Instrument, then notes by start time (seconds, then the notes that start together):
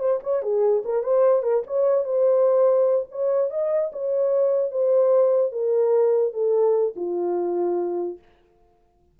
horn
0.00 C5
0.23 C#5
0.43 G#4
0.85 A#4
1.04 C5
1.43 A#4
1.67 C#5
2.05 C5
3.12 C#5
3.51 D#5
3.93 C#5
4.72 C5
5.53 A#4
6.34 A4
6.96 F4